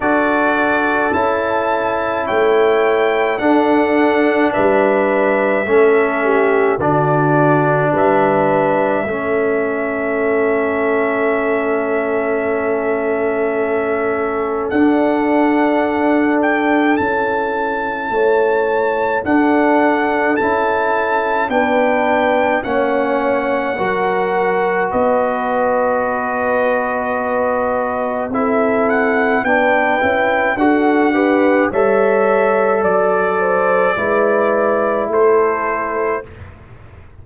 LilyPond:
<<
  \new Staff \with { instrumentName = "trumpet" } { \time 4/4 \tempo 4 = 53 d''4 a''4 g''4 fis''4 | e''2 d''4 e''4~ | e''1~ | e''4 fis''4. g''8 a''4~ |
a''4 fis''4 a''4 g''4 | fis''2 dis''2~ | dis''4 e''8 fis''8 g''4 fis''4 | e''4 d''2 c''4 | }
  \new Staff \with { instrumentName = "horn" } { \time 4/4 a'2 cis''4 a'4 | b'4 a'8 g'8 fis'4 b'4 | a'1~ | a'1 |
cis''4 a'2 b'4 | cis''4 ais'4 b'2~ | b'4 a'4 b'4 a'8 b'8 | cis''4 d''8 c''8 b'4 a'4 | }
  \new Staff \with { instrumentName = "trombone" } { \time 4/4 fis'4 e'2 d'4~ | d'4 cis'4 d'2 | cis'1~ | cis'4 d'2 e'4~ |
e'4 d'4 e'4 d'4 | cis'4 fis'2.~ | fis'4 e'4 d'8 e'8 fis'8 g'8 | a'2 e'2 | }
  \new Staff \with { instrumentName = "tuba" } { \time 4/4 d'4 cis'4 a4 d'4 | g4 a4 d4 g4 | a1~ | a4 d'2 cis'4 |
a4 d'4 cis'4 b4 | ais4 fis4 b2~ | b4 c'4 b8 cis'8 d'4 | g4 fis4 gis4 a4 | }
>>